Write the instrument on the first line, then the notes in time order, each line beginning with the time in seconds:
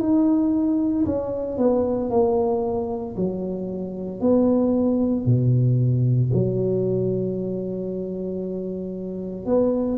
tuba
0.00 D#4
1.05 C#4
1.57 B3
2.10 A#3
3.16 F#3
4.20 B3
5.25 B2
6.33 F#3
9.45 B3